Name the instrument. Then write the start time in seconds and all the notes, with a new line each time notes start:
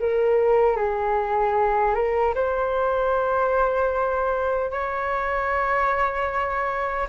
flute
0.00 A#4
0.77 G#4
1.95 A#4
2.35 C5
4.71 C#5